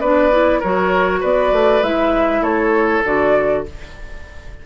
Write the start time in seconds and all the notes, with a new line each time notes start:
0.00 B3 D4 B4 D5
0.31 E4
0.60 F#3 F#4 A#4 C#5
1.20 B3 B4 D5
1.52 A3
1.82 G#3 E4 E5
2.41 A3 A4 C#5
3.05 D3 F#4 D5